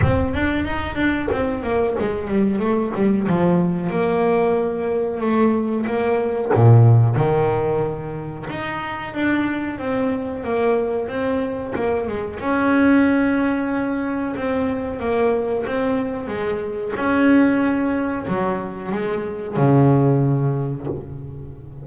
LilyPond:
\new Staff \with { instrumentName = "double bass" } { \time 4/4 \tempo 4 = 92 c'8 d'8 dis'8 d'8 c'8 ais8 gis8 g8 | a8 g8 f4 ais2 | a4 ais4 ais,4 dis4~ | dis4 dis'4 d'4 c'4 |
ais4 c'4 ais8 gis8 cis'4~ | cis'2 c'4 ais4 | c'4 gis4 cis'2 | fis4 gis4 cis2 | }